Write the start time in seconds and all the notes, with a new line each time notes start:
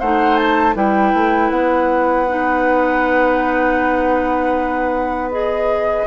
0.00 A3 D#4 C5 F#5
0.37 A5
0.75 G3 E4 B4 G5
1.14 A3
1.50 B3 F#5
2.29 D#4
5.31 G#4 D#5